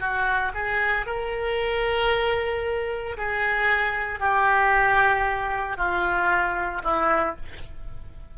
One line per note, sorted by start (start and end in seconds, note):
0.00 0.53 F#4
0.55 1.07 G#4
1.07 3.17 A#4
3.18 4.20 G#4
4.20 5.78 G4
5.78 6.83 F4
6.84 7.36 E4